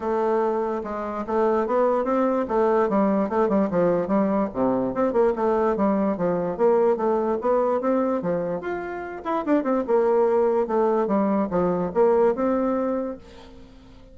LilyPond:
\new Staff \with { instrumentName = "bassoon" } { \time 4/4 \tempo 4 = 146 a2 gis4 a4 | b4 c'4 a4 g4 | a8 g8 f4 g4 c4 | c'8 ais8 a4 g4 f4 |
ais4 a4 b4 c'4 | f4 f'4. e'8 d'8 c'8 | ais2 a4 g4 | f4 ais4 c'2 | }